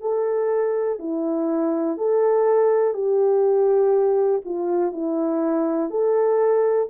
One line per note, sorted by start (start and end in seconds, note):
0.00 0.98 A4
0.99 1.97 E4
1.97 2.93 A4
2.93 4.41 G4
4.45 4.92 F4
4.92 5.90 E4
5.90 6.88 A4